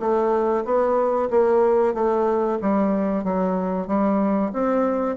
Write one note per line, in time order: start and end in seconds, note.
0.00 0.65 A3
0.65 1.29 B3
1.30 1.94 A#3
1.94 2.58 A3
2.62 3.24 G3
3.24 3.87 F#3
3.87 4.52 G3
4.53 5.16 C4